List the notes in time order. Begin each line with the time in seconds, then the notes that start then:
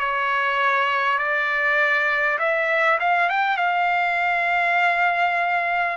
0.00 C#5
1.18 D5
2.38 E5
3.00 F5
3.29 G5
3.57 F5